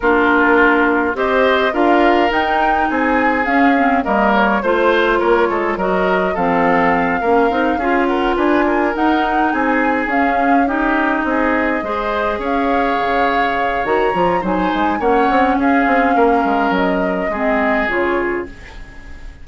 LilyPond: <<
  \new Staff \with { instrumentName = "flute" } { \time 4/4 \tempo 4 = 104 ais'2 dis''4 f''4 | g''4 gis''4 f''4 dis''8 cis''8 | c''4 cis''4 dis''4 f''4~ | f''2 fis''8 gis''4 fis''8~ |
fis''8 gis''4 f''4 dis''4.~ | dis''4. f''2~ f''8 | ais''4 gis''4 fis''4 f''4~ | f''4 dis''2 cis''4 | }
  \new Staff \with { instrumentName = "oboe" } { \time 4/4 f'2 c''4 ais'4~ | ais'4 gis'2 ais'4 | c''4 ais'8 a'8 ais'4 a'4~ | a'8 ais'4 gis'8 ais'8 b'8 ais'4~ |
ais'8 gis'2 g'4 gis'8~ | gis'8 c''4 cis''2~ cis''8~ | cis''4 c''4 cis''4 gis'4 | ais'2 gis'2 | }
  \new Staff \with { instrumentName = "clarinet" } { \time 4/4 d'2 g'4 f'4 | dis'2 cis'8 c'8 ais4 | f'2 fis'4 c'4~ | c'8 cis'8 dis'8 f'2 dis'8~ |
dis'4. cis'4 dis'4.~ | dis'8 gis'2.~ gis'8 | fis'8 f'8 dis'4 cis'2~ | cis'2 c'4 f'4 | }
  \new Staff \with { instrumentName = "bassoon" } { \time 4/4 ais2 c'4 d'4 | dis'4 c'4 cis'4 g4 | a4 ais8 gis8 fis4 f4~ | f8 ais8 c'8 cis'4 d'4 dis'8~ |
dis'8 c'4 cis'2 c'8~ | c'8 gis4 cis'4 cis4. | dis8 f8 fis8 gis8 ais8 c'8 cis'8 c'8 | ais8 gis8 fis4 gis4 cis4 | }
>>